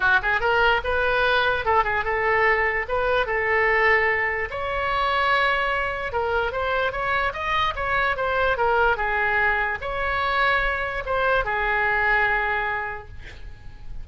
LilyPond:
\new Staff \with { instrumentName = "oboe" } { \time 4/4 \tempo 4 = 147 fis'8 gis'8 ais'4 b'2 | a'8 gis'8 a'2 b'4 | a'2. cis''4~ | cis''2. ais'4 |
c''4 cis''4 dis''4 cis''4 | c''4 ais'4 gis'2 | cis''2. c''4 | gis'1 | }